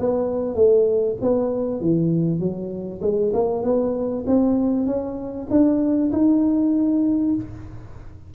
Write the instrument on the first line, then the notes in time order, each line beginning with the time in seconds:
tuba
0.00 B3
0.55 A3
1.22 B3
1.81 E3
2.40 F#3
3.02 G#3
3.34 A#3
3.64 B3
4.27 C4
4.86 C#4
5.50 D4
6.13 D#4